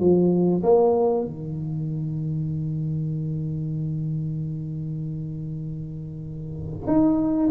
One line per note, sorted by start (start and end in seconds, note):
0.00 0.62 F3
0.63 1.25 A#3
1.25 6.87 D#3
6.87 7.49 D#4